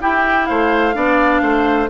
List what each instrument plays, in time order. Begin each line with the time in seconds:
0.00 clarinet E4, bassoon E4, oboe G4, flute G5
0.46 bassoon A3, oboe C5, flute F5
0.94 bassoon B3, clarinet D4, oboe D5
1.41 bassoon A3, oboe C5